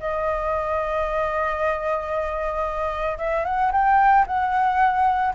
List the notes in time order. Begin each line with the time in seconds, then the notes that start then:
0.00 D#5
3.18 E5
3.45 F#5
3.72 G5
4.27 F#5